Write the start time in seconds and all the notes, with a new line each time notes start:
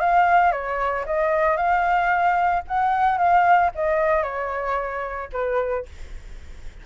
0.00 F5
0.52 C#5
1.06 D#5
1.57 F5
2.68 F#5
3.18 F5
3.75 D#5
4.23 C#5
5.33 B4